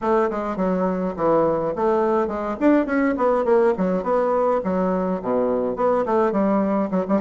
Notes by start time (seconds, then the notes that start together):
0.01 A3
0.30 G#3
0.56 F#3
1.16 E3
1.75 A3
2.27 G#3
2.60 D4
2.86 C#4
3.17 B3
3.44 A#3
3.77 F#3
4.03 B3
4.64 F#3
5.22 B2
5.76 B3
6.05 A3
6.32 G3
6.90 F#3
7.08 G3